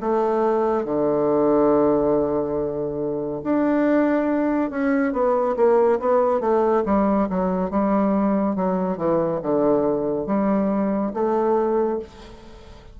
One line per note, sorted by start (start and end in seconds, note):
0.00 0.84 A3
0.84 3.41 D3
3.43 4.70 D4
4.70 5.12 C#4
5.12 5.55 B3
5.56 5.99 A#3
5.99 6.40 B3
6.40 6.83 A3
6.85 7.27 G3
7.29 7.70 F#3
7.70 8.55 G3
8.55 8.97 F#3
8.97 9.40 E3
9.42 10.26 D3
10.26 11.12 G3
11.13 11.99 A3